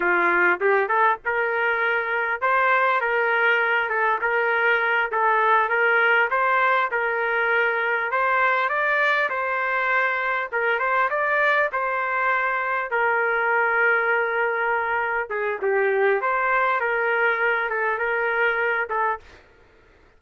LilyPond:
\new Staff \with { instrumentName = "trumpet" } { \time 4/4 \tempo 4 = 100 f'4 g'8 a'8 ais'2 | c''4 ais'4. a'8 ais'4~ | ais'8 a'4 ais'4 c''4 ais'8~ | ais'4. c''4 d''4 c''8~ |
c''4. ais'8 c''8 d''4 c''8~ | c''4. ais'2~ ais'8~ | ais'4. gis'8 g'4 c''4 | ais'4. a'8 ais'4. a'8 | }